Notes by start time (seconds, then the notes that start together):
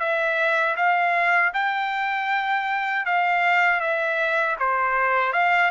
0.00 E5
0.76 F5
1.54 G5
3.06 F5
3.80 E5
4.59 C5
5.33 F5